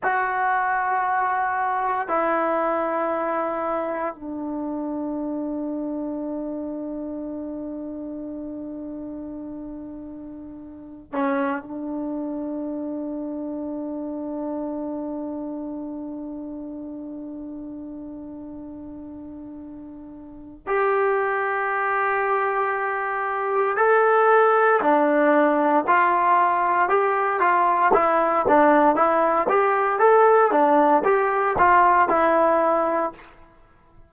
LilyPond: \new Staff \with { instrumentName = "trombone" } { \time 4/4 \tempo 4 = 58 fis'2 e'2 | d'1~ | d'2~ d'8. cis'8 d'8.~ | d'1~ |
d'1 | g'2. a'4 | d'4 f'4 g'8 f'8 e'8 d'8 | e'8 g'8 a'8 d'8 g'8 f'8 e'4 | }